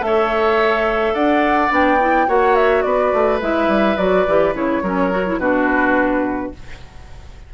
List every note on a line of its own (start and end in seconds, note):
0.00 1.14 A3
0.00 1.70 A4
0.00 1.15 E5
0.06 1.14 C#5
1.14 1.71 D4
1.14 2.27 D5
1.14 1.72 F#5
1.70 2.28 B3
1.70 1.98 D4
1.70 2.29 G5
2.01 2.27 E4
2.27 2.85 A#3
2.27 3.40 F#4
2.27 2.84 C#5
2.27 2.56 F#5
2.56 2.82 E5
2.82 3.13 B3
2.82 4.83 B4
2.82 3.39 D5
3.13 3.41 A3
3.41 3.68 G#3
3.41 3.98 E4
3.41 3.97 E5
3.68 3.96 G3
3.97 4.26 F#3
3.97 4.26 F#4
3.97 4.54 D5
4.28 4.54 E3
4.28 4.54 G4
4.54 4.83 C#3
4.54 4.82 E4
4.54 5.39 C#5
4.83 5.38 F#3
4.83 5.11 C#4
4.83 5.40 A#4
5.11 5.25 F#4
5.27 5.41 E4
5.38 6.51 B2
5.38 6.54 D4
5.38 6.53 F#4
5.38 6.53 B4